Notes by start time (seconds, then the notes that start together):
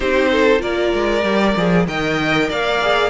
0.00 C4 D#4 G4 C5
0.31 A4
0.58 A#3 F4 A#4 D5
0.93 G#3
1.24 G3 G4
1.56 F3 G#4
1.87 D#3 A#4 D#5 G5
2.49 A#3 D5 F5
2.81 G#4